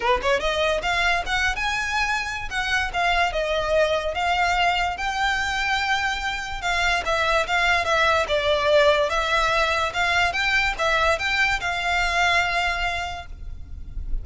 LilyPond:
\new Staff \with { instrumentName = "violin" } { \time 4/4 \tempo 4 = 145 b'8 cis''8 dis''4 f''4 fis''8. gis''16~ | gis''2 fis''4 f''4 | dis''2 f''2 | g''1 |
f''4 e''4 f''4 e''4 | d''2 e''2 | f''4 g''4 e''4 g''4 | f''1 | }